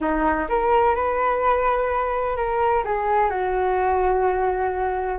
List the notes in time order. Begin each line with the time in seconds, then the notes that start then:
0.00 D#4
0.48 A#4
0.95 B4
2.36 A#4
2.84 G#4
3.30 F#4